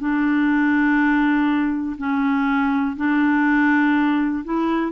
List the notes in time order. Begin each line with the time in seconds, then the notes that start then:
0.00 D4
1.98 C#4
2.97 D4
4.45 E4